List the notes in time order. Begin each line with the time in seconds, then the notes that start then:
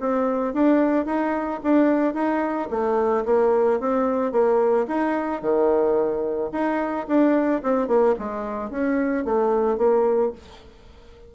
0.00 C4
0.54 D4
1.06 D#4
1.63 D4
2.14 D#4
2.70 A3
3.25 A#3
3.80 C4
4.32 A#3
4.88 D#4
5.41 D#3
6.52 D#4
7.08 D4
7.63 C4
7.88 A#3
8.19 G#3
8.70 C#4
9.25 A3
9.78 A#3